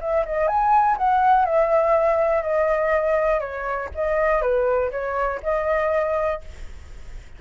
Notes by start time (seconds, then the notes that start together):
0.00 E5
0.26 D#5
0.47 G#5
0.97 F#5
1.45 E5
2.42 D#5
3.40 C#5
3.95 D#5
4.42 B4
4.91 C#5
5.43 D#5